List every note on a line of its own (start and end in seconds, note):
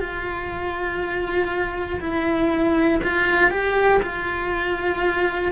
0.00 2.00 F4
2.00 3.00 E4
3.03 3.50 F4
3.50 4.00 G4
4.02 5.52 F4